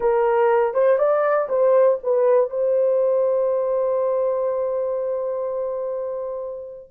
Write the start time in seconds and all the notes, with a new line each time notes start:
0.00 A#4
0.73 C5
0.98 D5
1.49 C5
2.03 B4
2.50 C5